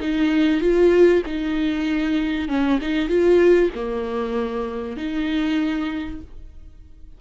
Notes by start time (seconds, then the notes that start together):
0.00 D#4
0.60 F4
1.26 D#4
2.48 C#4
2.81 D#4
3.09 F4
3.75 A#3
4.97 D#4